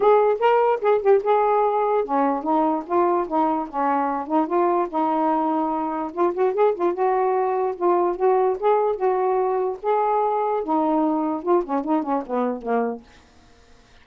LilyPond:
\new Staff \with { instrumentName = "saxophone" } { \time 4/4 \tempo 4 = 147 gis'4 ais'4 gis'8 g'8 gis'4~ | gis'4 cis'4 dis'4 f'4 | dis'4 cis'4. dis'8 f'4 | dis'2. f'8 fis'8 |
gis'8 f'8 fis'2 f'4 | fis'4 gis'4 fis'2 | gis'2 dis'2 | f'8 cis'8 dis'8 cis'8 b4 ais4 | }